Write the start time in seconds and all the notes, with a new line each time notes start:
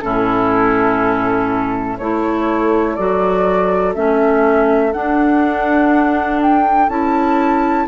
0.00 A2 C#4 E4 A4
1.97 A3 E4 A4 C#5
2.95 F#3 F#4 D5
3.94 A3 C#4 E5
4.92 D4 F#5
6.42 G5
6.88 C#4 E4 A5